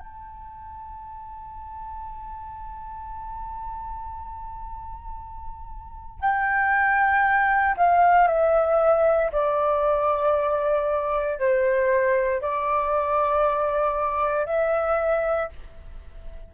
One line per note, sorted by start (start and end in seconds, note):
0.00 6.21 A5
6.21 7.76 G5
7.78 8.28 F5
8.28 9.32 E5
9.32 11.39 D5
11.39 12.42 C5
12.42 14.46 D5
14.46 15.49 E5